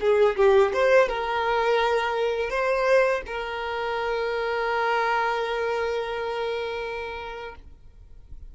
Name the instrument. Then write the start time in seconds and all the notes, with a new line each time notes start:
violin
0.00 G#4
0.36 G4
0.73 C5
1.08 A#4
2.50 C5
3.26 A#4